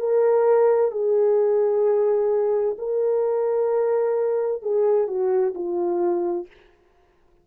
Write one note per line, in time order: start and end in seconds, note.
0.00 0.92 A#4
0.92 2.77 G#4
2.79 4.63 A#4
4.63 5.08 G#4
5.08 5.54 F#4
5.55 6.47 F4